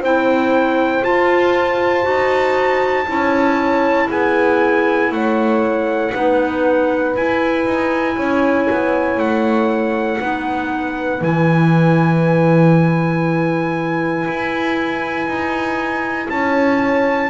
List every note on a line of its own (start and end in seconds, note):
0.00 1.02 C4
0.00 1.02 E4
0.00 3.06 C5
0.00 1.04 G5
1.02 2.02 F4
1.02 2.04 F4
1.02 4.09 A5
2.02 3.06 D#4
2.02 3.04 F#4
3.07 4.09 C#4
3.07 6.12 E4
3.07 4.08 C#5
4.08 5.11 B3
4.08 5.10 G#4
4.08 5.12 G#5
5.11 6.13 A3
5.11 6.14 C#5
5.11 7.15 F#5
6.13 7.16 B3
6.13 7.15 D#4
6.13 8.16 B4
7.15 7.65 E4
7.15 10.19 E4
7.15 9.19 G#5
7.65 8.16 D#4
8.16 8.68 C#4
8.16 10.18 C#5
8.70 9.17 B3
9.17 10.18 A3
9.17 11.22 F#5
10.18 11.21 B3
10.18 11.19 D#4
10.18 16.29 B4
11.19 14.26 E3
11.19 17.29 E4
11.19 16.29 G#5
14.28 15.26 E4
15.26 16.28 D#4
16.29 17.29 C#4
16.29 17.29 C#5
16.29 17.29 A5